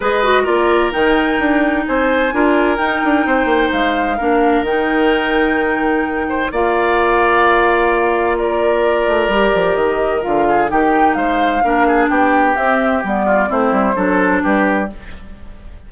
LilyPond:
<<
  \new Staff \with { instrumentName = "flute" } { \time 4/4 \tempo 4 = 129 dis''4 d''4 g''2 | gis''2 g''2 | f''2 g''2~ | g''2 f''2~ |
f''2 d''2~ | d''4 dis''4 f''4 g''4 | f''2 g''4 e''4 | d''4 c''2 b'4 | }
  \new Staff \with { instrumentName = "oboe" } { \time 4/4 b'4 ais'2. | c''4 ais'2 c''4~ | c''4 ais'2.~ | ais'4. c''8 d''2~ |
d''2 ais'2~ | ais'2~ ais'8 gis'8 g'4 | c''4 ais'8 gis'8 g'2~ | g'8 f'8 e'4 a'4 g'4 | }
  \new Staff \with { instrumentName = "clarinet" } { \time 4/4 gis'8 fis'8 f'4 dis'2~ | dis'4 f'4 dis'2~ | dis'4 d'4 dis'2~ | dis'2 f'2~ |
f'1 | g'2 f'4 dis'4~ | dis'4 d'2 c'4 | b4 c'4 d'2 | }
  \new Staff \with { instrumentName = "bassoon" } { \time 4/4 gis4 ais4 dis4 d'4 | c'4 d'4 dis'8 d'8 c'8 ais8 | gis4 ais4 dis2~ | dis2 ais2~ |
ais2.~ ais8 a8 | g8 f8 dis4 d4 dis4 | gis4 ais4 b4 c'4 | g4 a8 g8 fis4 g4 | }
>>